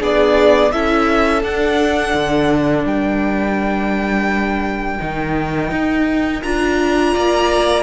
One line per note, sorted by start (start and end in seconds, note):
0.00 0.74 B3
0.00 0.71 D4
0.00 0.72 G#4
0.00 0.72 D5
0.72 1.43 C#4
0.72 1.43 E4
0.72 2.85 A4
0.72 1.43 E5
1.43 2.14 D4
1.43 5.00 D4
1.43 2.86 F#5
2.14 2.85 D3
2.85 4.99 G3
2.85 7.14 A#4
2.85 6.43 G5
5.00 5.72 D#3
5.00 6.43 D#4
5.72 6.43 D#4
6.43 7.16 D4
6.43 7.84 F4
6.43 7.84 A#5
7.14 7.84 A#3
7.14 7.84 D5